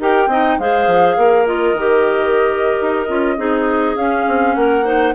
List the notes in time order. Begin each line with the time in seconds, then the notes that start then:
0.00 D#4 G4 A#4 G5
0.28 C4 D#4 D#5
0.59 G#3 G#4 C5 F5
0.87 F3
1.17 A#3 A#4
1.46 F4 D#5
1.73 D#3 G4
2.81 D#4
3.08 C#4 F4
3.37 C4 D#4 G#4
3.96 C#4 F5
4.28 C4
4.55 A#3 A#4 F#5
4.85 D#4 C5